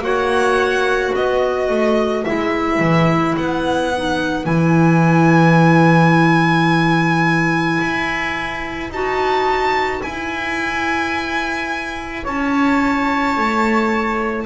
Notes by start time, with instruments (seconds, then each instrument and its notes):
0.00 double bass A#3, clarinet F#4, trumpet C#5, violin F#5
1.13 double bass B3, trumpet B4, violin D#5
1.69 double bass A3
2.24 double bass G#3, clarinet E4, violin E5
2.80 double bass E3
3.37 double bass B3, violin F#5
3.96 clarinet D#4
4.45 double bass E3, clarinet E4, violin G#5
7.81 double bass E4
8.90 double bass D#4, clarinet F#4, violin A5
10.02 double bass E4, clarinet E4, violin G#5
12.24 double bass C#4, trumpet C#5, violin A5
13.37 double bass A3